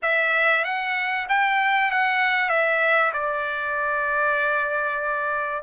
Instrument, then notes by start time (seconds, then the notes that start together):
trumpet
0.02 E5
0.64 F#5
1.28 G5
1.91 F#5
2.49 E5
3.13 D5